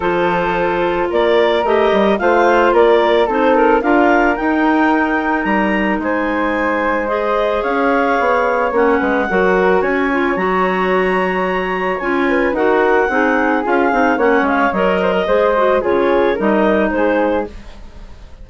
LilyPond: <<
  \new Staff \with { instrumentName = "clarinet" } { \time 4/4 \tempo 4 = 110 c''2 d''4 dis''4 | f''4 d''4 c''8 ais'8 f''4 | g''2 ais''4 gis''4~ | gis''4 dis''4 f''2 |
fis''2 gis''4 ais''4~ | ais''2 gis''4 fis''4~ | fis''4 f''4 fis''8 f''8 dis''4~ | dis''4 cis''4 dis''4 c''4 | }
  \new Staff \with { instrumentName = "flute" } { \time 4/4 a'2 ais'2 | c''4 ais'4 a'4 ais'4~ | ais'2. c''4~ | c''2 cis''2~ |
cis''8 b'8 ais'4 cis''2~ | cis''2~ cis''8 b'8 ais'4 | gis'2 cis''4. c''16 ais'16 | c''4 gis'4 ais'4 gis'4 | }
  \new Staff \with { instrumentName = "clarinet" } { \time 4/4 f'2. g'4 | f'2 dis'4 f'4 | dis'1~ | dis'4 gis'2. |
cis'4 fis'4. f'8 fis'4~ | fis'2 f'4 fis'4 | dis'4 f'8 dis'8 cis'4 ais'4 | gis'8 fis'8 f'4 dis'2 | }
  \new Staff \with { instrumentName = "bassoon" } { \time 4/4 f2 ais4 a8 g8 | a4 ais4 c'4 d'4 | dis'2 g4 gis4~ | gis2 cis'4 b4 |
ais8 gis8 fis4 cis'4 fis4~ | fis2 cis'4 dis'4 | c'4 cis'8 c'8 ais8 gis8 fis4 | gis4 cis4 g4 gis4 | }
>>